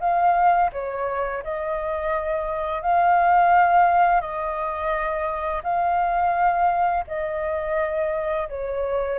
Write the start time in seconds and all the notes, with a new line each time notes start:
0.00 F5
0.73 C#5
1.43 D#5
2.82 F5
4.20 D#5
5.63 F5
7.07 D#5
8.49 C#5